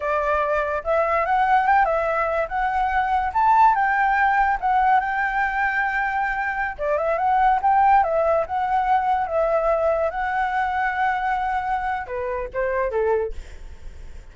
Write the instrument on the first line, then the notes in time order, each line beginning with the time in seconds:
flute
0.00 D5
0.84 E5
1.25 F#5
1.66 G5
1.85 E5
2.48 F#5
3.33 A5
3.74 G5
4.60 F#5
5.00 G5
6.78 D5
6.97 E5
7.18 F#5
7.62 G5
8.03 E5
8.46 F#5
9.27 E5
10.10 F#5
12.06 B4
12.53 C5
12.91 A4